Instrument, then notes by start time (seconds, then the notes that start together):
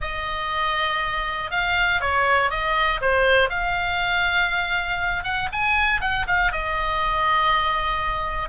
oboe
0.01 D#5
1.50 F5
2.00 C#5
2.50 D#5
3.01 C5
3.49 F5
5.23 F#5
5.52 G#5
6.00 F#5
6.27 F5
6.52 D#5